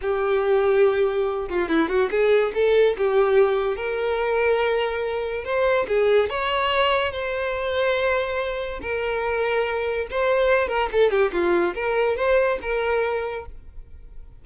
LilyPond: \new Staff \with { instrumentName = "violin" } { \time 4/4 \tempo 4 = 143 g'2.~ g'8 f'8 | e'8 fis'8 gis'4 a'4 g'4~ | g'4 ais'2.~ | ais'4 c''4 gis'4 cis''4~ |
cis''4 c''2.~ | c''4 ais'2. | c''4. ais'8 a'8 g'8 f'4 | ais'4 c''4 ais'2 | }